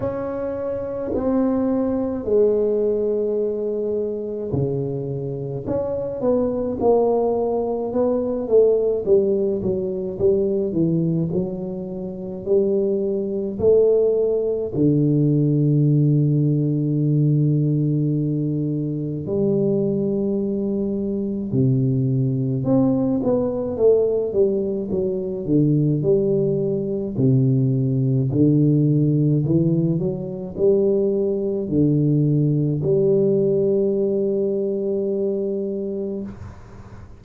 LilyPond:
\new Staff \with { instrumentName = "tuba" } { \time 4/4 \tempo 4 = 53 cis'4 c'4 gis2 | cis4 cis'8 b8 ais4 b8 a8 | g8 fis8 g8 e8 fis4 g4 | a4 d2.~ |
d4 g2 c4 | c'8 b8 a8 g8 fis8 d8 g4 | c4 d4 e8 fis8 g4 | d4 g2. | }